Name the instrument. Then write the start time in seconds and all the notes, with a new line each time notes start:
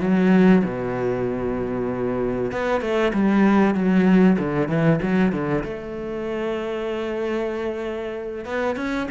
cello
0.00 F#3
0.64 B2
2.52 B3
2.81 A3
3.13 G3
3.75 F#3
4.39 D3
4.68 E3
5.02 F#3
5.32 D3
5.64 A3
8.45 B3
8.76 C#4